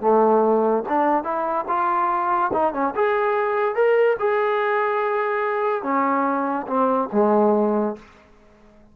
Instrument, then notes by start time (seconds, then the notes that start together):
trombone
0.00 A3
0.88 D4
1.23 E4
1.67 F4
2.53 D#4
2.73 C#4
2.95 G#4
3.75 A#4
4.19 G#4
5.83 C#4
6.67 C4
7.12 G#3